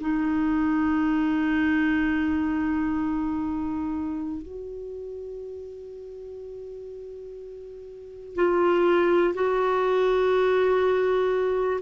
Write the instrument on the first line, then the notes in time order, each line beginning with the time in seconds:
clarinet
0.00 D#4
4.42 F#4
8.35 F4
9.34 F#4